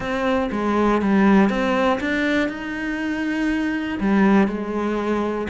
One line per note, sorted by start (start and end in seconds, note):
0.00 0.50 C4
0.51 1.01 G#3
1.01 1.49 G3
1.49 1.99 C4
2.00 2.49 D4
2.49 3.99 D#4
4.00 4.47 G3
4.47 5.47 G#3